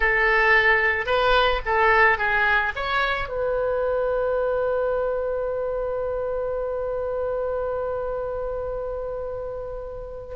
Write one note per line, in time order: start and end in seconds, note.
0.00 1.06 A4
1.06 1.60 B4
1.65 2.18 A4
2.18 2.72 G#4
2.75 3.28 C#5
3.28 10.35 B4